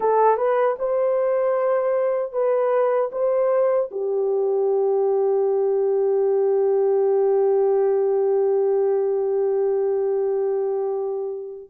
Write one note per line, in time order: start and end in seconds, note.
0.00 0.37 A4
0.37 0.76 B4
0.79 2.32 C5
2.32 3.10 B4
3.12 3.90 C5
3.91 11.70 G4